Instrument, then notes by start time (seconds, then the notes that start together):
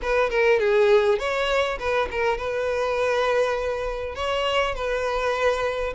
violin
0.02 B4
0.30 A#4
0.59 G#4
1.19 C#5
1.79 B4
2.11 A#4
2.37 B4
4.15 C#5
4.74 B4